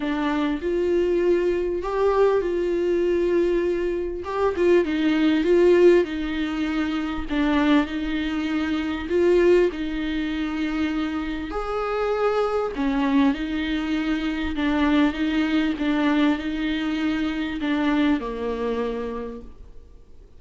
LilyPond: \new Staff \with { instrumentName = "viola" } { \time 4/4 \tempo 4 = 99 d'4 f'2 g'4 | f'2. g'8 f'8 | dis'4 f'4 dis'2 | d'4 dis'2 f'4 |
dis'2. gis'4~ | gis'4 cis'4 dis'2 | d'4 dis'4 d'4 dis'4~ | dis'4 d'4 ais2 | }